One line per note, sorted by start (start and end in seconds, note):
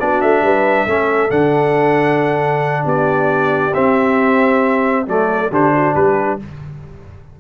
0.00 0.22 B3
0.00 0.88 D4
0.00 0.43 F#4
0.00 0.22 D5
0.22 0.42 A3
0.22 1.31 E5
0.42 0.86 G3
0.42 0.87 B4
0.86 1.31 A3
0.86 1.30 C#4
0.86 2.84 A4
1.30 2.85 D3
1.30 3.73 D4
1.30 2.86 F#5
2.84 3.74 B3
2.84 5.05 G4
2.84 3.74 D5
3.74 5.07 C4
3.74 5.07 E5
5.07 5.51 F#3
5.07 5.51 A3
5.07 5.52 A4
5.07 5.53 D5
5.51 5.95 D3
5.51 6.40 D4
5.51 5.74 G4
5.51 5.95 C5
5.75 5.94 F#4
5.94 6.40 G3
5.94 6.38 G4
5.94 6.39 B4